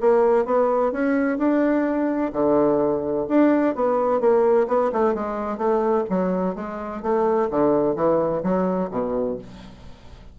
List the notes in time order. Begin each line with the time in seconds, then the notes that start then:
0.00 A#3
0.45 B3
0.92 C#4
1.38 D4
2.32 D3
3.28 D4
3.75 B3
4.20 A#3
4.67 B3
4.92 A3
5.14 G#3
5.57 A3
6.09 F#3
6.55 G#3
7.02 A3
7.50 D3
7.95 E3
8.43 F#3
8.91 B2